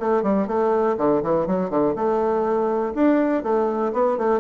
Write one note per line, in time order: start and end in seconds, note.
0.00 0.23 A3
0.23 0.47 G3
0.47 0.96 A3
0.97 1.22 D3
1.23 1.46 E3
1.46 1.70 F#3
1.70 1.94 D3
1.95 2.94 A3
2.94 3.43 D4
3.43 3.92 A3
3.93 4.17 B3
4.17 4.40 A3